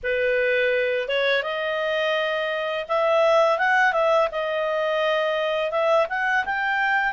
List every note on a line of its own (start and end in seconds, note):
0.03 1.08 B4
1.08 1.42 C#5
1.42 2.85 D#5
2.88 3.58 E5
3.58 3.93 F#5
3.93 4.28 E5
4.31 5.71 D#5
5.71 6.06 E5
6.09 6.44 F#5
6.44 7.12 G5